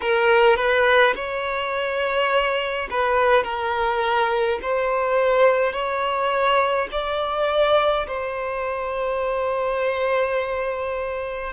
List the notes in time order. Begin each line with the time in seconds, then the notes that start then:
0.01 A#4
0.56 B4
1.15 C#5
2.90 B4
3.43 A#4
4.62 C5
5.73 C#5
6.91 D5
8.07 C5